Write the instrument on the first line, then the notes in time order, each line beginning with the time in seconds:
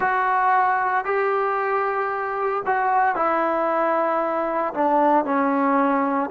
trombone
0.00 F#4
1.04 G4
2.66 F#4
3.15 E4
4.74 D4
5.24 C#4